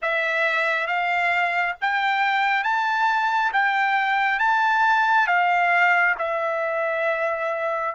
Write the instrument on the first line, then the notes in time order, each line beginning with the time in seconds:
trumpet
0.02 E5
0.87 F5
1.81 G5
2.63 A5
3.53 G5
4.39 A5
5.27 F5
6.18 E5